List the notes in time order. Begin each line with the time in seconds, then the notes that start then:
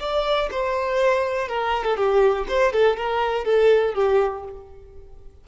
0.00 D5
0.51 C5
1.48 A#4
1.84 A4
1.97 G4
2.48 C5
2.73 A4
2.97 A#4
3.45 A4
3.94 G4